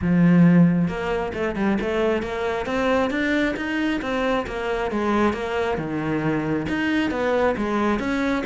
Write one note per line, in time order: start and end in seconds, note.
0.01 0.88 F3
0.88 1.32 A#3
1.33 1.55 A3
1.55 1.78 G3
1.81 2.22 A3
2.22 2.66 A#3
2.66 3.10 C4
3.10 3.55 D4
3.56 4.00 D#4
4.01 4.46 C4
4.46 4.91 A#3
4.91 5.33 G#3
5.33 5.77 A#3
5.77 6.66 D#3
6.68 7.10 D#4
7.10 7.55 B3
7.57 7.99 G#3
7.99 8.43 C#4